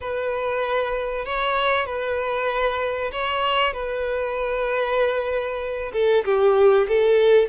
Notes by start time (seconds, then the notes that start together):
0.00 B4
1.25 C#5
1.86 B4
3.11 C#5
3.73 B4
5.93 A4
6.24 G4
6.88 A4